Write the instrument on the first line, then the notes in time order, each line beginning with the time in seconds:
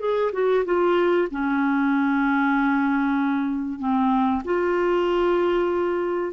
clarinet
0.00 G#4
0.33 F#4
0.65 F4
1.31 C#4
3.79 C4
4.45 F4